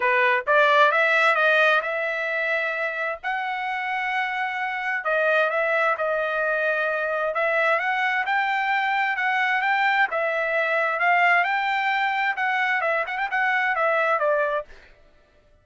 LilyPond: \new Staff \with { instrumentName = "trumpet" } { \time 4/4 \tempo 4 = 131 b'4 d''4 e''4 dis''4 | e''2. fis''4~ | fis''2. dis''4 | e''4 dis''2. |
e''4 fis''4 g''2 | fis''4 g''4 e''2 | f''4 g''2 fis''4 | e''8 fis''16 g''16 fis''4 e''4 d''4 | }